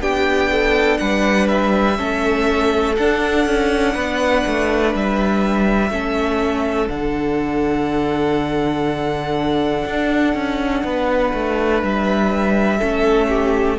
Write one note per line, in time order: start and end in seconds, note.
0.00 0.98 B3
0.00 1.97 D4
0.00 0.50 G4
0.00 0.98 G5
0.51 1.00 A4
0.98 1.99 G3
0.98 1.97 B4
0.98 1.47 F#5
1.48 2.95 E5
1.97 2.97 A3
1.97 2.95 C#4
1.97 3.94 A4
2.97 5.90 D4
2.97 3.46 D4
2.97 4.93 F#5
3.46 3.95 C#4
3.94 4.45 B3
3.94 5.91 B4
4.47 4.94 A3
4.94 5.90 G3
4.94 6.88 E5
5.90 6.88 A3
5.90 6.89 C#4
5.90 10.84 A4
6.88 9.84 D3
6.88 12.79 D4
6.88 11.80 F#5
9.85 10.34 D4
10.34 10.83 C#4
10.84 11.33 B3
10.84 12.78 B4
11.33 11.82 A3
11.82 12.81 G3
11.82 13.79 E5
12.78 13.79 A3
12.78 13.78 C#4
12.78 13.27 A4
13.28 13.78 G4